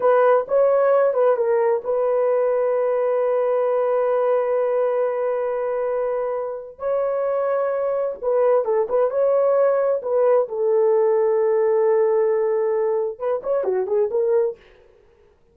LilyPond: \new Staff \with { instrumentName = "horn" } { \time 4/4 \tempo 4 = 132 b'4 cis''4. b'8 ais'4 | b'1~ | b'1~ | b'2. cis''4~ |
cis''2 b'4 a'8 b'8 | cis''2 b'4 a'4~ | a'1~ | a'4 b'8 cis''8 fis'8 gis'8 ais'4 | }